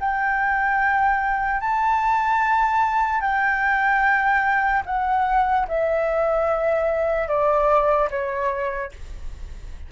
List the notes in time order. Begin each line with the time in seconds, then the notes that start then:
0.00 G5
1.60 A5
3.21 G5
4.86 F#5
5.68 E5
7.28 D5
8.10 C#5